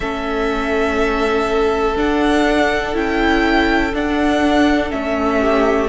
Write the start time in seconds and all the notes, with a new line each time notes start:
0.00 A3 C#4 A4 E5
1.96 D4 F#5
2.93 C#4 E4 G5
3.93 D4 F#5
4.89 A3 C#4 E5
5.39 G4